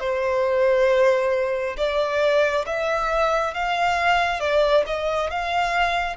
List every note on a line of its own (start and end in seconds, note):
0.00 1.76 C5
1.77 2.66 D5
2.67 3.54 E5
3.54 4.40 F5
4.40 4.84 D5
4.87 5.31 D#5
5.31 6.17 F5